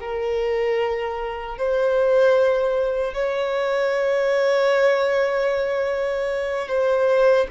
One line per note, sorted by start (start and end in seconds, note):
0.00 1.58 A#4
1.58 3.14 C5
3.14 6.68 C#5
6.68 7.47 C5